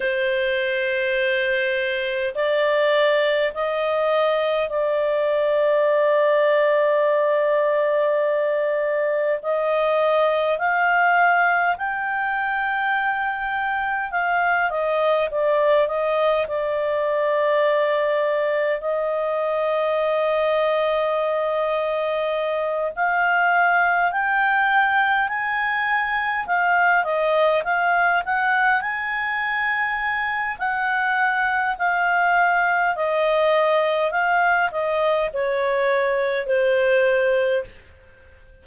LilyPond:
\new Staff \with { instrumentName = "clarinet" } { \time 4/4 \tempo 4 = 51 c''2 d''4 dis''4 | d''1 | dis''4 f''4 g''2 | f''8 dis''8 d''8 dis''8 d''2 |
dis''2.~ dis''8 f''8~ | f''8 g''4 gis''4 f''8 dis''8 f''8 | fis''8 gis''4. fis''4 f''4 | dis''4 f''8 dis''8 cis''4 c''4 | }